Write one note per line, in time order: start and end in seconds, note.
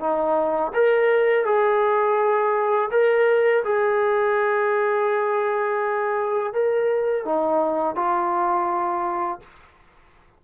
0.00 0.72 D#4
0.74 1.45 A#4
1.45 2.90 G#4
2.91 3.63 A#4
3.64 6.53 G#4
6.53 7.25 A#4
7.25 7.96 D#4
7.96 9.40 F4